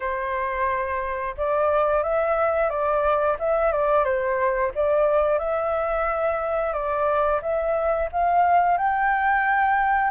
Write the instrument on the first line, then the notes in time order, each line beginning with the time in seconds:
flute
0.00 C5
1.37 D5
2.03 E5
2.69 D5
3.39 E5
3.72 D5
4.04 C5
4.74 D5
5.38 E5
6.73 D5
7.42 E5
8.11 F5
8.77 G5